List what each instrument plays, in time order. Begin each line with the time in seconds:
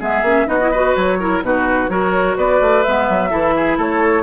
0.00 bassoon G#3, clarinet B3, oboe G#4, flute E5
0.22 bassoon A#3, clarinet C#4
0.47 bassoon B3, clarinet D#4, oboe F#4, flute D#5
0.61 clarinet E4
0.71 clarinet F#4, oboe B4
0.96 bassoon F#3, flute C#5
1.20 clarinet E4, oboe A#4
1.42 bassoon B2, clarinet D#4, oboe F#4, flute B4
1.89 bassoon F#3, clarinet F#4, oboe A#4, flute C#5
2.37 bassoon B3, oboe B4, flute D5
2.61 bassoon A3
2.84 bassoon G#3, clarinet B3, flute E5
3.09 bassoon F#3
3.30 bassoon E3, clarinet E4, oboe A4
3.56 oboe G#4
3.78 bassoon A3, oboe A4, flute C#5